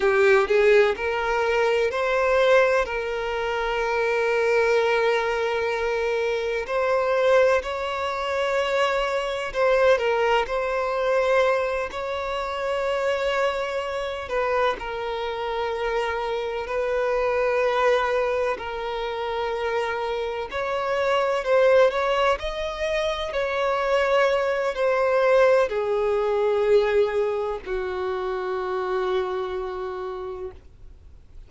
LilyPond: \new Staff \with { instrumentName = "violin" } { \time 4/4 \tempo 4 = 63 g'8 gis'8 ais'4 c''4 ais'4~ | ais'2. c''4 | cis''2 c''8 ais'8 c''4~ | c''8 cis''2~ cis''8 b'8 ais'8~ |
ais'4. b'2 ais'8~ | ais'4. cis''4 c''8 cis''8 dis''8~ | dis''8 cis''4. c''4 gis'4~ | gis'4 fis'2. | }